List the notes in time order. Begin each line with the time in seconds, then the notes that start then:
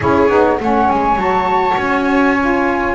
0.00 C#4 E4 G#4 C#5
0.29 B3 D#4
0.60 A3 C#4 C#5 F#5
0.90 G#3 G#5
1.16 F#3 F#4 A5
1.77 C#4 G#5
2.40 F4